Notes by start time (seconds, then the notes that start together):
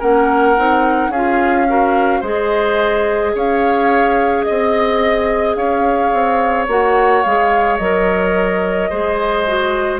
0.00 A#3 C#4 A#4 F#5
0.56 C4 D#4
1.09 C#4 G#4 F5
1.15 F4
1.68 F#4 A#4
2.21 G#3 G#4 C5 D#5
3.35 C#4 C#5 F5
4.44 C4 D#5
5.56 C#4 C#5 F5
6.13 C4
6.68 A#3 F#4 F#5
7.24 G#3 G#4 F5
7.78 F#3 A#4 D#5
8.90 G#3 G#4 C5
9.47 F#4